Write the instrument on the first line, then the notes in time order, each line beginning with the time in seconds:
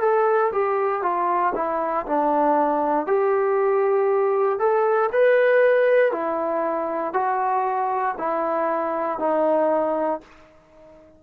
trombone
0.00 A4
0.52 G4
1.02 F4
1.55 E4
2.06 D4
3.06 G4
4.59 A4
5.12 B4
6.12 E4
7.13 F#4
8.18 E4
9.18 D#4